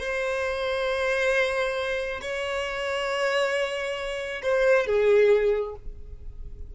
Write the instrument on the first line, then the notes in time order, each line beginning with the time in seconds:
violin
0.00 C5
2.21 C#5
4.43 C5
4.87 G#4